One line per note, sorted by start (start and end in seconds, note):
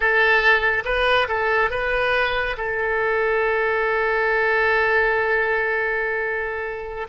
0.00 0.83 A4
0.84 1.27 B4
1.27 1.70 A4
1.70 2.56 B4
2.57 7.07 A4